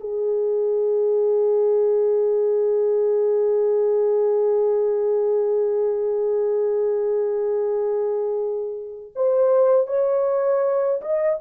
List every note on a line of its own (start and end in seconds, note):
0.00 9.11 G#4
9.15 9.87 C5
9.87 11.01 C#5
11.01 11.39 D#5